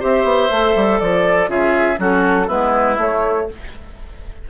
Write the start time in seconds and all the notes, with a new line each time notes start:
0.00 C4 G4 C5 E5
0.24 B3
0.51 A3 A4
0.76 G3
1.00 F3 A4 D5
1.48 C#3 F4 G#4 E5
1.96 F#3 C#4 F#4 A4
2.47 G#3 B3 E4 B4
2.98 A3 C#5